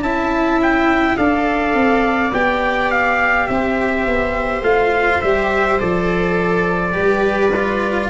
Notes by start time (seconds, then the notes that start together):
0.00 C#4 E4 E5 A5
0.62 G5
1.16 D4 A4 D5 F5
1.74 C4
2.33 B3 G4 G5
2.90 F5
3.47 C4 C5 E5
4.06 B3
4.61 A3 F4 F5
5.21 G3 G4 E5
5.79 F3 A4 D5
6.93 G3 G4 B4
7.56 F4